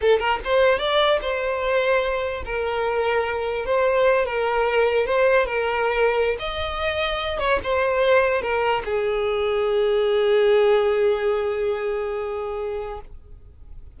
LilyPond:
\new Staff \with { instrumentName = "violin" } { \time 4/4 \tempo 4 = 148 a'8 ais'8 c''4 d''4 c''4~ | c''2 ais'2~ | ais'4 c''4. ais'4.~ | ais'8 c''4 ais'2~ ais'16 dis''16~ |
dis''2~ dis''16 cis''8 c''4~ c''16~ | c''8. ais'4 gis'2~ gis'16~ | gis'1~ | gis'1 | }